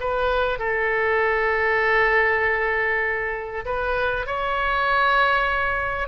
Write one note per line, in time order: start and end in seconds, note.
0.00 0.59 B4
0.59 3.65 A4
3.65 4.26 B4
4.26 6.08 C#5